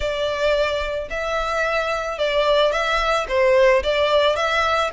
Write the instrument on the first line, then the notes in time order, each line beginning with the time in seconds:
violin
0.00 D5
1.10 E5
2.18 D5
2.71 E5
3.28 C5
3.83 D5
4.35 E5